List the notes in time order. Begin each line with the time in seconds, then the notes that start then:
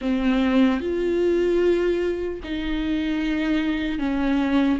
0.01 C4
0.80 F4
2.43 D#4
3.98 C#4